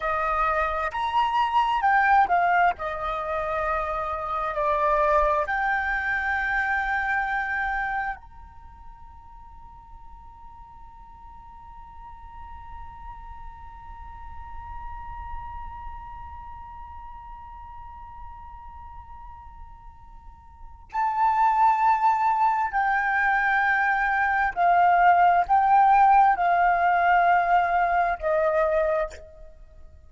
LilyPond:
\new Staff \with { instrumentName = "flute" } { \time 4/4 \tempo 4 = 66 dis''4 ais''4 g''8 f''8 dis''4~ | dis''4 d''4 g''2~ | g''4 ais''2.~ | ais''1~ |
ais''1~ | ais''2. a''4~ | a''4 g''2 f''4 | g''4 f''2 dis''4 | }